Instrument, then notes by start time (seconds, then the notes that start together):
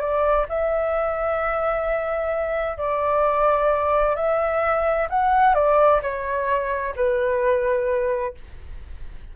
flute
0.00 D5
0.49 E5
2.77 D5
4.16 E5
5.10 F#5
5.54 D5
6.02 C#5
6.96 B4